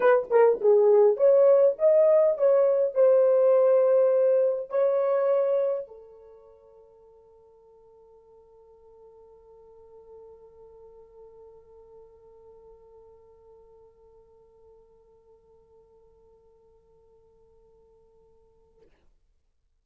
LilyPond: \new Staff \with { instrumentName = "horn" } { \time 4/4 \tempo 4 = 102 b'8 ais'8 gis'4 cis''4 dis''4 | cis''4 c''2. | cis''2 a'2~ | a'1~ |
a'1~ | a'1~ | a'1~ | a'1 | }